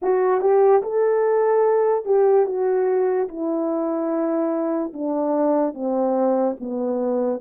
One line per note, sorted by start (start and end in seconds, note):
0.02 0.40 F#4
0.40 0.81 G4
0.82 2.05 A4
2.05 2.45 G4
2.45 3.28 F#4
3.28 4.92 E4
4.93 5.73 D4
5.73 6.56 C4
6.59 7.40 B3